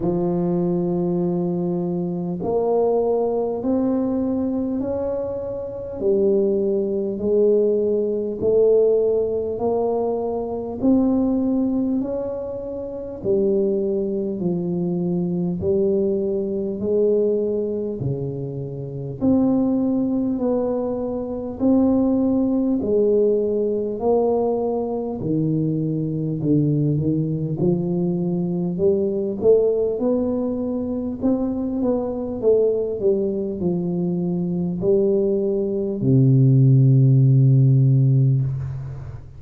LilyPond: \new Staff \with { instrumentName = "tuba" } { \time 4/4 \tempo 4 = 50 f2 ais4 c'4 | cis'4 g4 gis4 a4 | ais4 c'4 cis'4 g4 | f4 g4 gis4 cis4 |
c'4 b4 c'4 gis4 | ais4 dis4 d8 dis8 f4 | g8 a8 b4 c'8 b8 a8 g8 | f4 g4 c2 | }